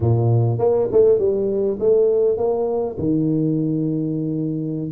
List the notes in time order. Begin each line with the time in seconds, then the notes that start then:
0.00 A#2
0.58 A#3
0.92 A3
1.19 G3
1.79 A3
2.37 A#3
2.98 D#3